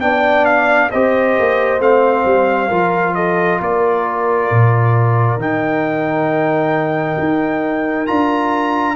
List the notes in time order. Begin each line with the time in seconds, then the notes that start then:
0.00 B3 D4 D5 G5
0.45 F5
0.91 C4 G4 C5 D#5
1.39 A#3
1.79 A3 C4 F5
2.25 G3
2.68 F3 F4 A#4
3.15 A4 D#5
3.61 A#3 A#4 D5
4.51 A#2
5.36 D#3 D#4 G5
7.19 D#4
8.07 D4 F4 A#5